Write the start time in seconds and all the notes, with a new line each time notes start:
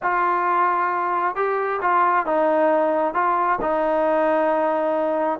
0.02 F4
1.35 G4
1.81 F4
2.26 D#4
3.14 F4
3.61 D#4